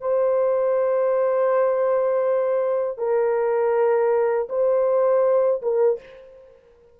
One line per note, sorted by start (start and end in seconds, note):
0.00 2.98 C5
2.98 4.48 A#4
4.49 5.61 C5
5.62 5.99 A#4